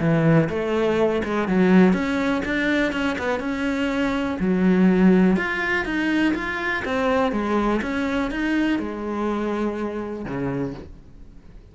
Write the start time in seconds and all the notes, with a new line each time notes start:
0.00 E3
0.49 A3
1.24 G#3
1.48 F#3
1.93 C#4
2.45 D4
2.92 C#4
3.18 B3
3.39 C#4
4.39 F#3
5.36 F4
5.85 D#4
6.34 F4
6.84 C4
7.32 G#3
7.82 C#4
8.31 D#4
8.79 G#3
10.25 C#3